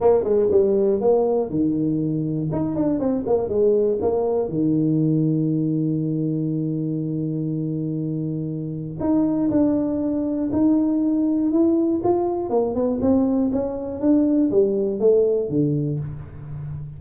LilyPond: \new Staff \with { instrumentName = "tuba" } { \time 4/4 \tempo 4 = 120 ais8 gis8 g4 ais4 dis4~ | dis4 dis'8 d'8 c'8 ais8 gis4 | ais4 dis2.~ | dis1~ |
dis2 dis'4 d'4~ | d'4 dis'2 e'4 | f'4 ais8 b8 c'4 cis'4 | d'4 g4 a4 d4 | }